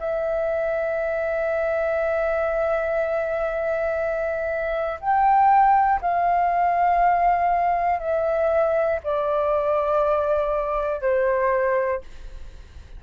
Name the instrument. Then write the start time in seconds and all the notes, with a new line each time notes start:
flute
0.00 E5
5.01 G5
6.02 F5
8.00 E5
9.04 D5
11.02 C5